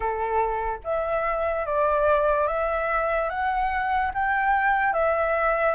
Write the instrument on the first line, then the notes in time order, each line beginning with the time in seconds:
flute
0.00 A4
0.84 E5
1.66 D5
2.47 E5
3.29 F#5
4.14 G5
4.93 E5